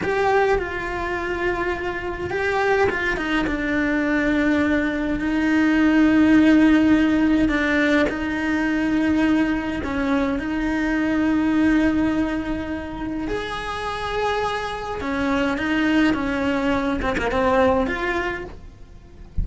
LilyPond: \new Staff \with { instrumentName = "cello" } { \time 4/4 \tempo 4 = 104 g'4 f'2. | g'4 f'8 dis'8 d'2~ | d'4 dis'2.~ | dis'4 d'4 dis'2~ |
dis'4 cis'4 dis'2~ | dis'2. gis'4~ | gis'2 cis'4 dis'4 | cis'4. c'16 ais16 c'4 f'4 | }